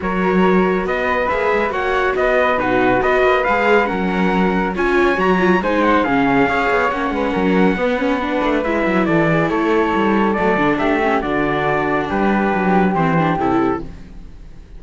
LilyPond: <<
  \new Staff \with { instrumentName = "trumpet" } { \time 4/4 \tempo 4 = 139 cis''2 dis''4 e''4 | fis''4 dis''4 b'4 dis''4 | f''4 fis''2 gis''4 | ais''4 gis''8 fis''8 f''2 |
fis''1 | e''4 d''4 cis''2 | d''4 e''4 d''2 | b'2 c''4 a'4 | }
  \new Staff \with { instrumentName = "flute" } { \time 4/4 ais'2 b'2 | cis''4 b'4 fis'4 b'4~ | b'4 ais'2 cis''4~ | cis''4 c''4 gis'4 cis''4~ |
cis''8 b'8 ais'4 b'2~ | b'4 a'8 gis'8 a'2~ | a'4 g'4 fis'2 | g'1 | }
  \new Staff \with { instrumentName = "viola" } { \time 4/4 fis'2. gis'4 | fis'2 dis'4 fis'4 | gis'4 cis'2 f'4 | fis'8 f'8 dis'4 cis'4 gis'4 |
cis'2 b8 cis'8 d'4 | e'1 | a8 d'4 cis'8 d'2~ | d'2 c'8 d'8 e'4 | }
  \new Staff \with { instrumentName = "cello" } { \time 4/4 fis2 b4 ais8 gis8 | ais4 b4 b,4 b8 ais8 | gis4 fis2 cis'4 | fis4 gis4 cis4 cis'8 b8 |
ais8 gis8 fis4 b4. a8 | gis8 fis8 e4 a4 g4 | fis8 d8 a4 d2 | g4 fis4 e4 c4 | }
>>